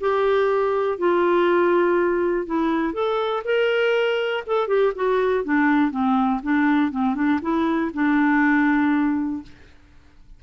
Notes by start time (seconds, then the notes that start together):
0.00 G4
0.98 F4
2.46 E4
2.93 A4
3.44 A#4
4.46 A4
4.67 G4
4.95 F#4
5.44 D4
5.91 C4
6.43 D4
6.91 C4
7.15 D4
7.41 E4
7.94 D4